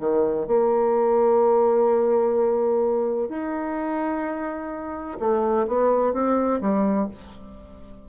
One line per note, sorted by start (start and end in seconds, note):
0.00 0.47 D#3
0.47 3.29 A#3
3.29 5.18 D#4
5.20 5.67 A3
5.68 6.14 B3
6.14 6.61 C4
6.61 7.09 G3